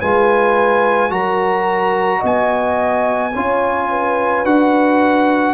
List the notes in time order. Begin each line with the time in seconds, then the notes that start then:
0.00 G#3 F4 B4 G#5
1.09 F#3 F#4 A#4 A#5
2.19 B3 D#5
2.26 G#5
3.32 C#4 F4 C#5
3.90 B4
4.44 D4 F#4 F#5